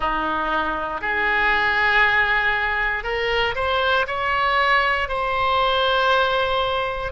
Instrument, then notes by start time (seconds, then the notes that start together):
oboe
0.00 D#4
1.01 G#4
3.03 A#4
3.55 C5
4.07 C#5
5.08 C5